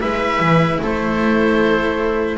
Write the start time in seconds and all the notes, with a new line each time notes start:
0.00 G#3 E4 B4 E5
0.40 E3
0.81 A3 A4 C5